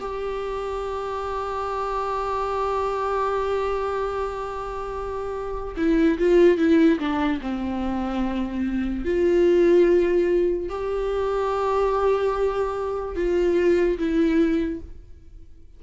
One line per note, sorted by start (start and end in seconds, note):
0.00 5.75 G4
5.77 6.18 E4
6.18 6.58 F4
6.58 6.99 E4
6.99 7.40 D4
7.41 9.05 C4
9.05 10.69 F4
10.69 13.15 G4
13.15 13.98 F4
13.98 14.80 E4